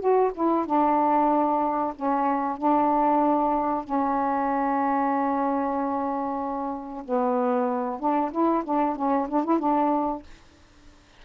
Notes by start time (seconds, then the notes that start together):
0.00 F#4
0.35 E4
0.66 D4
1.96 C#4
2.58 D4
3.85 C#4
7.05 B3
8.00 D4
8.32 E4
8.65 D4
8.96 C#4
9.29 D4
9.45 E4
9.59 D4